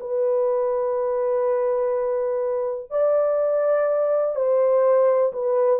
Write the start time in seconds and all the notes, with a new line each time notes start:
0.00 B4
2.90 D5
4.35 C5
5.33 B4